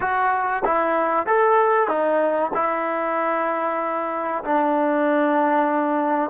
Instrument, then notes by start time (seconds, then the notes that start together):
trombone
0.00 F#4
0.65 E4
1.26 A4
1.87 D#4
2.54 E4
4.44 D4